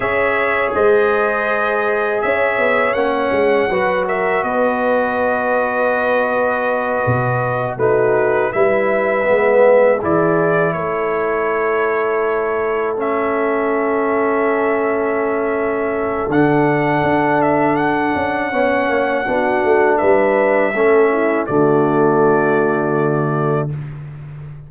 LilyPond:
<<
  \new Staff \with { instrumentName = "trumpet" } { \time 4/4 \tempo 4 = 81 e''4 dis''2 e''4 | fis''4. e''8 dis''2~ | dis''2~ dis''8 b'4 e''8~ | e''4. d''4 cis''4.~ |
cis''4. e''2~ e''8~ | e''2 fis''4. e''8 | fis''2. e''4~ | e''4 d''2. | }
  \new Staff \with { instrumentName = "horn" } { \time 4/4 cis''4 c''2 cis''4~ | cis''4 b'8 ais'8 b'2~ | b'2~ b'8 fis'4 b'8~ | b'4. gis'4 a'4.~ |
a'1~ | a'1~ | a'4 cis''4 fis'4 b'4 | a'8 e'8 fis'2. | }
  \new Staff \with { instrumentName = "trombone" } { \time 4/4 gis'1 | cis'4 fis'2.~ | fis'2~ fis'8 dis'4 e'8~ | e'8 b4 e'2~ e'8~ |
e'4. cis'2~ cis'8~ | cis'2 d'2~ | d'4 cis'4 d'2 | cis'4 a2. | }
  \new Staff \with { instrumentName = "tuba" } { \time 4/4 cis'4 gis2 cis'8 b8 | ais8 gis8 fis4 b2~ | b4. b,4 a4 g8~ | g8 gis4 e4 a4.~ |
a1~ | a2 d4 d'4~ | d'8 cis'8 b8 ais8 b8 a8 g4 | a4 d2. | }
>>